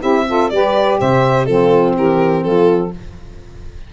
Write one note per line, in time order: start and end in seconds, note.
0.00 0.51 C4
0.00 0.25 E4
0.00 0.24 G4
0.00 0.49 E5
0.26 0.51 F4
0.26 0.53 A4
0.49 0.99 G3
0.49 1.47 G4
0.49 0.99 B4
0.49 0.98 D5
0.99 1.48 C3
0.99 1.47 C5
0.99 1.45 E5
1.45 1.96 F3
1.45 2.92 C4
1.45 1.95 F4
1.45 1.94 A4
1.95 2.44 E3
1.95 2.43 G4
1.95 2.43 A#4
2.43 2.93 F3
2.43 2.91 F4
2.43 2.91 A4